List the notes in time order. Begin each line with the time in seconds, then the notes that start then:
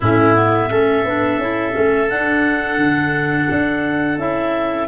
0.00 A2 C#4 E4 E5
0.35 B3
0.69 A3 C#4 A4
1.04 B3 D4
1.38 C#4 E4
1.72 A3 C#4
2.09 D4 F#5
2.77 D3
3.50 D4
4.17 C#4 E4 E5